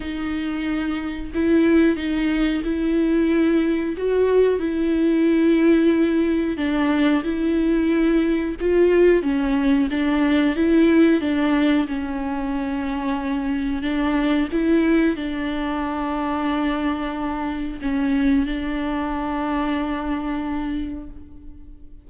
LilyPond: \new Staff \with { instrumentName = "viola" } { \time 4/4 \tempo 4 = 91 dis'2 e'4 dis'4 | e'2 fis'4 e'4~ | e'2 d'4 e'4~ | e'4 f'4 cis'4 d'4 |
e'4 d'4 cis'2~ | cis'4 d'4 e'4 d'4~ | d'2. cis'4 | d'1 | }